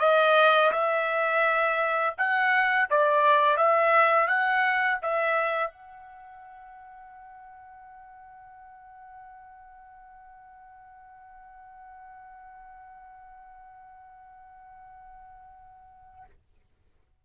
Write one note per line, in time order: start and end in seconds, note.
0.00 0.71 D#5
0.72 2.15 E5
2.18 2.89 F#5
2.91 3.57 D5
3.57 4.28 E5
4.28 4.99 F#5
5.03 5.71 E5
5.71 16.25 F#5